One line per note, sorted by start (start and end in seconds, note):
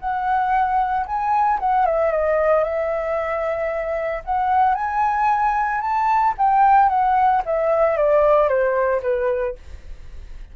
0.00 1.06 F#5
1.06 1.60 G#5
1.60 1.86 F#5
1.86 2.11 E5
2.11 2.64 D#5
2.64 4.23 E5
4.25 4.75 F#5
4.75 5.81 G#5
5.81 6.34 A5
6.38 6.89 G5
6.89 7.42 F#5
7.46 7.97 E5
7.97 8.49 D5
8.49 9.02 C5
9.03 9.56 B4